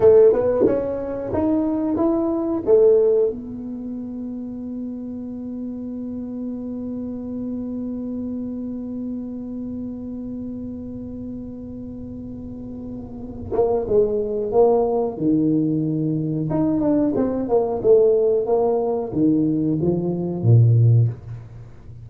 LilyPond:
\new Staff \with { instrumentName = "tuba" } { \time 4/4 \tempo 4 = 91 a8 b8 cis'4 dis'4 e'4 | a4 b2.~ | b1~ | b1~ |
b1~ | b8 ais8 gis4 ais4 dis4~ | dis4 dis'8 d'8 c'8 ais8 a4 | ais4 dis4 f4 ais,4 | }